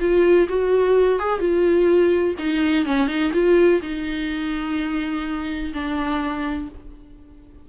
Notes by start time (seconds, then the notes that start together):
0.00 F4
0.49 F#4
1.20 G#4
1.40 F4
2.39 D#4
2.86 C#4
3.08 D#4
3.34 F4
3.82 D#4
5.74 D4